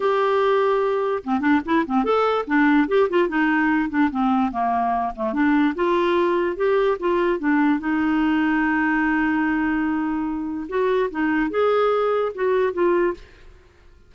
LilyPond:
\new Staff \with { instrumentName = "clarinet" } { \time 4/4 \tempo 4 = 146 g'2. c'8 d'8 | e'8 c'8 a'4 d'4 g'8 f'8 | dis'4. d'8 c'4 ais4~ | ais8 a8 d'4 f'2 |
g'4 f'4 d'4 dis'4~ | dis'1~ | dis'2 fis'4 dis'4 | gis'2 fis'4 f'4 | }